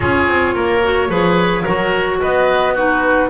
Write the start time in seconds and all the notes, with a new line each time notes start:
0.00 C#4 F4 G#4 C#5
0.27 C4
0.55 A#3 A#4
0.82 F#4
1.09 F3 G#4 B4
1.62 F#3 F#4 A#4
2.20 B3 B4 D#5
2.74 D#4 F#4 B4